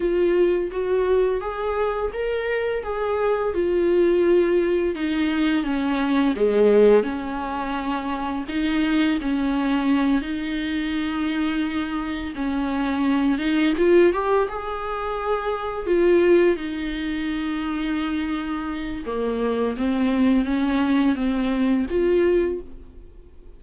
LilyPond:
\new Staff \with { instrumentName = "viola" } { \time 4/4 \tempo 4 = 85 f'4 fis'4 gis'4 ais'4 | gis'4 f'2 dis'4 | cis'4 gis4 cis'2 | dis'4 cis'4. dis'4.~ |
dis'4. cis'4. dis'8 f'8 | g'8 gis'2 f'4 dis'8~ | dis'2. ais4 | c'4 cis'4 c'4 f'4 | }